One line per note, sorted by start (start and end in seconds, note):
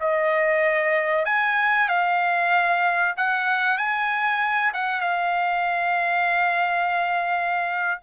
0.00 1.25 D#5
1.25 1.88 G#5
1.88 3.15 F5
3.17 3.78 F#5
3.78 4.72 G#5
4.74 5.01 F#5
5.01 8.01 F5